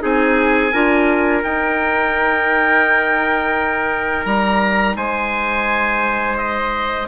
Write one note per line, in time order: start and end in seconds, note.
0.00 0.74 C4
0.00 0.71 D#4
0.00 0.73 G#4
0.00 1.44 G#5
0.73 1.44 D4
0.73 1.44 F4
0.73 4.96 A#4
1.44 4.26 D#4
1.44 7.08 D#4
1.44 4.26 G5
4.26 4.96 G3
4.26 4.96 A#5
4.96 7.08 G#3
4.96 7.08 C5
4.96 6.38 G#5
6.38 7.08 D#5